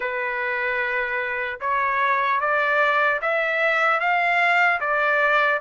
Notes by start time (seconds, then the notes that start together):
0.00 B4
1.60 C#5
2.40 D5
3.21 E5
4.00 F5
4.80 D5